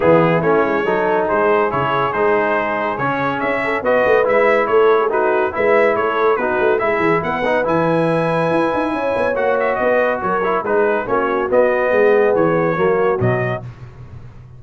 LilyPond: <<
  \new Staff \with { instrumentName = "trumpet" } { \time 4/4 \tempo 4 = 141 gis'4 cis''2 c''4 | cis''4 c''2 cis''4 | e''4 dis''4 e''4 cis''4 | b'4 e''4 cis''4 b'4 |
e''4 fis''4 gis''2~ | gis''2 fis''8 e''8 dis''4 | cis''4 b'4 cis''4 dis''4~ | dis''4 cis''2 dis''4 | }
  \new Staff \with { instrumentName = "horn" } { \time 4/4 e'2 a'4 gis'4~ | gis'1~ | gis'8 a'8 b'2 a'8. gis'16 | fis'4 b'4 a'4 fis'4 |
gis'4 b'2.~ | b'4 cis''2 b'4 | ais'4 gis'4 fis'2 | gis'2 fis'2 | }
  \new Staff \with { instrumentName = "trombone" } { \time 4/4 b4 cis'4 dis'2 | e'4 dis'2 cis'4~ | cis'4 fis'4 e'2 | dis'4 e'2 dis'4 |
e'4. dis'8 e'2~ | e'2 fis'2~ | fis'8 e'8 dis'4 cis'4 b4~ | b2 ais4 fis4 | }
  \new Staff \with { instrumentName = "tuba" } { \time 4/4 e4 a8 gis8 fis4 gis4 | cis4 gis2 cis4 | cis'4 b8 a8 gis4 a4~ | a4 gis4 a4 b8 a8 |
gis8 e8 b4 e2 | e'8 dis'8 cis'8 b8 ais4 b4 | fis4 gis4 ais4 b4 | gis4 e4 fis4 b,4 | }
>>